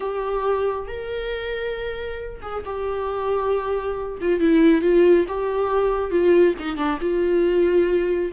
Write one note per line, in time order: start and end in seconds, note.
0.00 0.87 G4
0.87 2.40 A#4
2.42 2.64 G#4
2.65 4.18 G4
4.20 4.40 F4
4.40 4.81 E4
4.81 5.25 F4
5.28 6.10 G4
6.10 6.54 F4
6.59 6.76 D#4
6.76 6.98 D4
7.00 8.32 F4